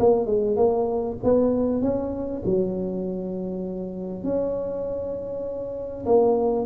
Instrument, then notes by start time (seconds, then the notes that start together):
tuba
0.00 A#3
0.26 G#3
0.57 A#3
1.24 B3
1.82 C#4
2.46 F#3
4.24 C#4
6.06 A#3